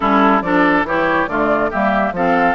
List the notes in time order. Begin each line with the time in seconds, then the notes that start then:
0.00 G3 C#4 E4 A4
0.41 F3 D4 A4 D5
0.83 E3 E4 G4 C#5
1.27 D3 A3 F4 D5
1.69 G3 A#3 G4 E5
2.12 F3 C4 A4 F5